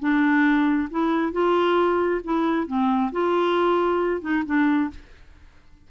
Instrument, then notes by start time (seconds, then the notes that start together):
clarinet
0.00 D4
0.91 E4
1.33 F4
2.24 E4
2.67 C4
3.12 F4
4.22 D#4
4.46 D4